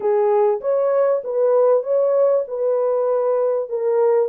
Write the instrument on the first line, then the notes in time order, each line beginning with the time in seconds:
horn
0.00 G#4
0.60 C#5
1.24 B4
1.83 C#5
2.47 B4
3.69 A#4